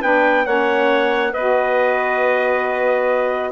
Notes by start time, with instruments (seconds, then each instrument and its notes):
0.00 bassoon B3, saxophone D4, clarinet B4, trumpet G5
0.45 bassoon A#3, saxophone C#4, clarinet C#5, trumpet F#5
1.31 bassoon B3, clarinet B4, trumpet D#5
1.37 saxophone F#4